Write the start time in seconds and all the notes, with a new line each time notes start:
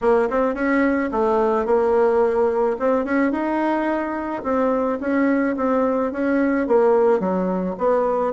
0.01 A#3
0.30 C4
0.54 C#4
1.11 A3
1.65 A#3
2.79 C4
3.05 C#4
3.31 D#4
4.43 C4
5.00 C#4
5.56 C4
6.11 C#4
6.67 A#3
7.19 F#3
7.78 B3